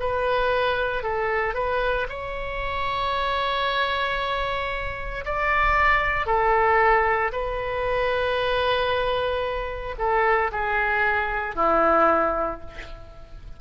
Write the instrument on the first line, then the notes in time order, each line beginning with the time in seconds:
oboe
0.00 B4
1.03 A4
1.55 B4
2.09 C#5
5.25 D5
6.26 A4
7.32 B4
9.98 A4
10.52 G#4
11.56 E4